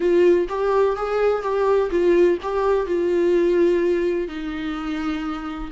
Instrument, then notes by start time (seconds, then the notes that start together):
viola
0.00 F4
0.48 G4
0.96 G#4
1.42 G4
1.90 F4
2.42 G4
2.86 F4
4.28 D#4